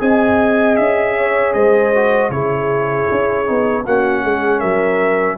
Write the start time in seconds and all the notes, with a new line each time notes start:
0.00 C4 G#4 D#5 G#5
0.77 C#4 E5
1.17 C#5
1.54 G#3 C5 D#5
1.95 F#4
2.30 C#3 E4 G#4 C#5
3.12 C#4
3.46 B3 D#4
3.85 A#3 C#4 F#4 F#5
4.25 G#3 G#4
4.59 F#3 A#4 E5